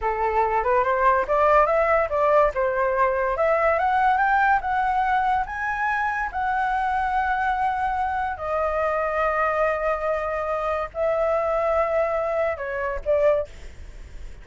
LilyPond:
\new Staff \with { instrumentName = "flute" } { \time 4/4 \tempo 4 = 143 a'4. b'8 c''4 d''4 | e''4 d''4 c''2 | e''4 fis''4 g''4 fis''4~ | fis''4 gis''2 fis''4~ |
fis''1 | dis''1~ | dis''2 e''2~ | e''2 cis''4 d''4 | }